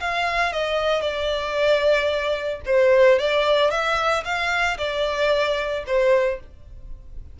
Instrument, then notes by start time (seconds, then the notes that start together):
violin
0.00 F5
0.52 D#5
1.01 D5
2.65 C5
3.19 D5
3.70 E5
4.24 F5
4.78 D5
5.86 C5